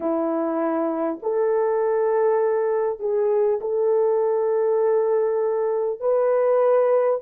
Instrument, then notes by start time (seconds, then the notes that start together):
horn
0.00 E4
1.22 A4
2.99 G#4
3.61 A4
6.00 B4